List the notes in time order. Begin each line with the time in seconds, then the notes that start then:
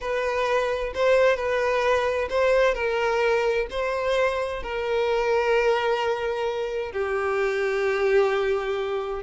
0.00 B4
0.94 C5
1.36 B4
2.29 C5
2.74 A#4
3.70 C5
4.62 A#4
6.92 G4